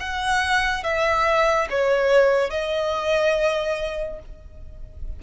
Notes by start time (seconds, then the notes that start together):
0.00 F#5
0.84 E5
1.71 C#5
2.50 D#5